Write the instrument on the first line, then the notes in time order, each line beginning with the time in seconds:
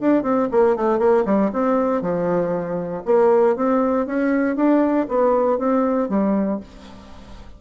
bassoon
0.00 D4
0.23 C4
0.51 A#3
0.76 A3
0.98 A#3
1.25 G3
1.52 C4
2.01 F3
3.05 A#3
3.56 C4
4.06 C#4
4.56 D4
5.08 B3
5.58 C4
6.09 G3